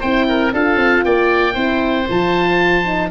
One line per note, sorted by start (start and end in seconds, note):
0.00 0.53 C4
0.00 0.54 E4
0.00 0.26 C5
0.00 0.53 G5
0.29 0.54 A#4
0.53 0.76 D4
0.53 1.55 F4
0.53 1.05 A4
0.53 1.05 F5
0.76 1.02 C4
1.05 1.56 A#3
1.05 1.54 D5
1.05 2.09 G5
1.54 2.08 C4
1.54 2.06 E4
1.54 3.09 C5
2.09 3.11 F3
2.09 2.85 F4
2.09 3.11 A5
2.85 3.11 D#4